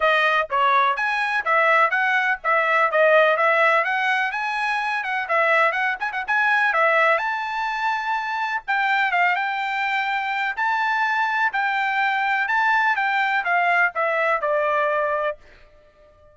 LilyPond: \new Staff \with { instrumentName = "trumpet" } { \time 4/4 \tempo 4 = 125 dis''4 cis''4 gis''4 e''4 | fis''4 e''4 dis''4 e''4 | fis''4 gis''4. fis''8 e''4 | fis''8 gis''16 fis''16 gis''4 e''4 a''4~ |
a''2 g''4 f''8 g''8~ | g''2 a''2 | g''2 a''4 g''4 | f''4 e''4 d''2 | }